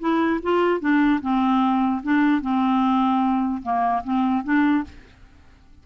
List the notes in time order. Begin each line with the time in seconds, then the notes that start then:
0.00 E4
0.43 F4
0.80 D4
1.22 C4
2.03 D4
2.42 C4
3.63 A#3
4.04 C4
4.44 D4